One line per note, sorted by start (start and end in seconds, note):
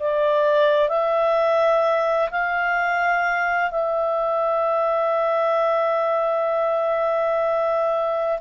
0.00 0.89 D5
0.89 2.30 E5
2.31 3.71 F5
3.71 8.40 E5